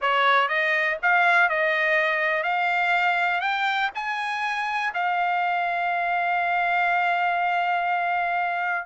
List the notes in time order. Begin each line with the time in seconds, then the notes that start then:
0.01 C#5
0.48 D#5
1.02 F5
1.49 D#5
2.43 F5
3.40 G5
3.95 G#5
4.93 F5